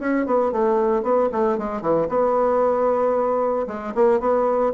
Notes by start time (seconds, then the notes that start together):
0.00 C#4
0.27 B3
0.52 A3
1.03 B3
1.32 A3
1.58 G#3
1.82 E3
2.09 B3
3.67 G#3
3.95 A#3
4.21 B3